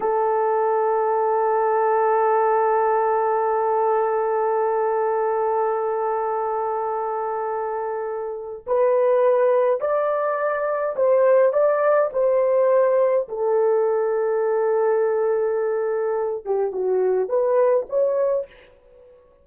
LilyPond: \new Staff \with { instrumentName = "horn" } { \time 4/4 \tempo 4 = 104 a'1~ | a'1~ | a'1~ | a'2. b'4~ |
b'4 d''2 c''4 | d''4 c''2 a'4~ | a'1~ | a'8 g'8 fis'4 b'4 cis''4 | }